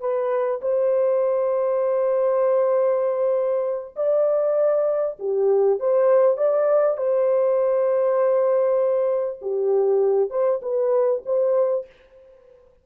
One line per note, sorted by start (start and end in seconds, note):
0.00 0.61 B4
0.61 3.95 C5
3.96 5.17 D5
5.19 5.80 G4
5.80 6.37 C5
6.37 6.97 D5
6.97 9.39 C5
9.42 10.30 G4
10.30 10.60 C5
10.62 11.22 B4
11.25 11.86 C5